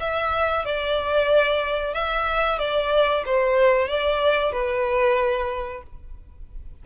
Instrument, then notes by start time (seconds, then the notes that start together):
violin
0.00 E5
0.65 D5
1.94 E5
2.58 D5
3.25 C5
3.88 D5
4.52 B4